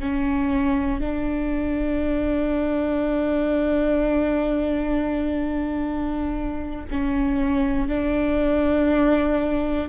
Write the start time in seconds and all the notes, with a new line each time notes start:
0.00 C#4
1.01 D4
6.91 C#4
7.89 D4